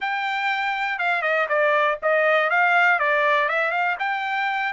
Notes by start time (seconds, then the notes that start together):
0.00 G5
0.98 F5
1.22 D#5
1.48 D5
2.02 D#5
2.50 F5
2.99 D5
3.48 E5
3.71 F5
3.99 G5